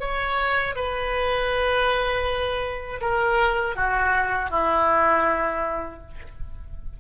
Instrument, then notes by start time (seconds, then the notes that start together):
oboe
0.00 C#5
0.75 B4
3.01 A#4
3.76 F#4
4.50 E4